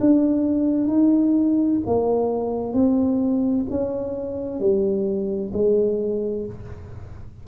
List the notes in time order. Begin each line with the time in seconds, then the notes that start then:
0.00 D4
0.88 D#4
1.86 A#3
2.74 C4
3.70 C#4
4.60 G3
5.53 G#3